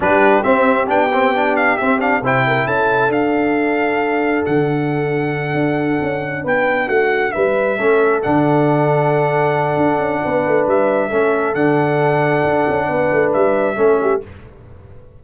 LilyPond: <<
  \new Staff \with { instrumentName = "trumpet" } { \time 4/4 \tempo 4 = 135 b'4 e''4 g''4. f''8 | e''8 f''8 g''4 a''4 f''4~ | f''2 fis''2~ | fis''2~ fis''8 g''4 fis''8~ |
fis''8 e''2 fis''4.~ | fis''1 | e''2 fis''2~ | fis''2 e''2 | }
  \new Staff \with { instrumentName = "horn" } { \time 4/4 g'1~ | g'4 c''8 ais'8 a'2~ | a'1~ | a'2~ a'8 b'4 fis'8~ |
fis'8 b'4 a'2~ a'8~ | a'2. b'4~ | b'4 a'2.~ | a'4 b'2 a'8 g'8 | }
  \new Staff \with { instrumentName = "trombone" } { \time 4/4 d'4 c'4 d'8 c'8 d'4 | c'8 d'8 e'2 d'4~ | d'1~ | d'1~ |
d'4. cis'4 d'4.~ | d'1~ | d'4 cis'4 d'2~ | d'2. cis'4 | }
  \new Staff \with { instrumentName = "tuba" } { \time 4/4 g4 c'4 b2 | c'4 c4 cis'4 d'4~ | d'2 d2~ | d8 d'4 cis'4 b4 a8~ |
a8 g4 a4 d4.~ | d2 d'8 cis'8 b8 a8 | g4 a4 d2 | d'8 cis'8 b8 a8 g4 a4 | }
>>